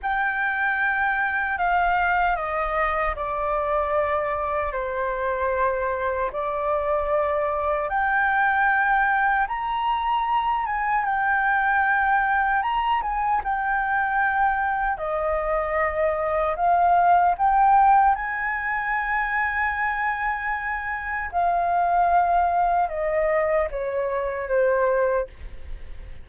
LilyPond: \new Staff \with { instrumentName = "flute" } { \time 4/4 \tempo 4 = 76 g''2 f''4 dis''4 | d''2 c''2 | d''2 g''2 | ais''4. gis''8 g''2 |
ais''8 gis''8 g''2 dis''4~ | dis''4 f''4 g''4 gis''4~ | gis''2. f''4~ | f''4 dis''4 cis''4 c''4 | }